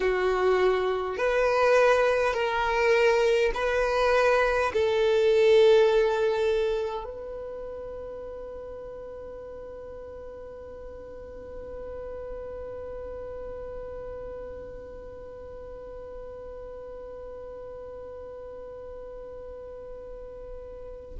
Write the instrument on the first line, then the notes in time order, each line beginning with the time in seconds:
violin
0.00 F#4
1.17 B4
2.33 A#4
3.54 B4
4.73 A4
7.04 B4